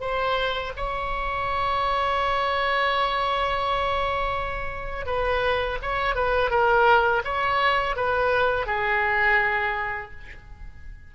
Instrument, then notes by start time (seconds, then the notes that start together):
oboe
0.00 C5
0.76 C#5
5.06 B4
5.82 C#5
6.15 B4
6.50 A#4
7.24 C#5
7.96 B4
8.66 G#4